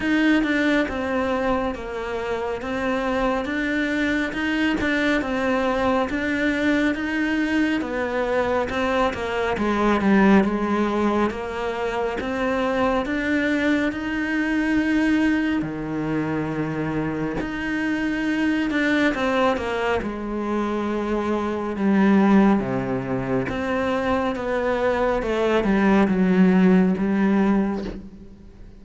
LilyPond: \new Staff \with { instrumentName = "cello" } { \time 4/4 \tempo 4 = 69 dis'8 d'8 c'4 ais4 c'4 | d'4 dis'8 d'8 c'4 d'4 | dis'4 b4 c'8 ais8 gis8 g8 | gis4 ais4 c'4 d'4 |
dis'2 dis2 | dis'4. d'8 c'8 ais8 gis4~ | gis4 g4 c4 c'4 | b4 a8 g8 fis4 g4 | }